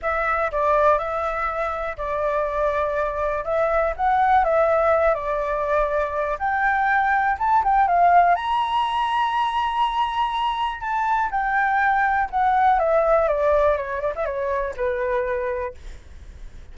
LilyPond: \new Staff \with { instrumentName = "flute" } { \time 4/4 \tempo 4 = 122 e''4 d''4 e''2 | d''2. e''4 | fis''4 e''4. d''4.~ | d''4 g''2 a''8 g''8 |
f''4 ais''2.~ | ais''2 a''4 g''4~ | g''4 fis''4 e''4 d''4 | cis''8 d''16 e''16 cis''4 b'2 | }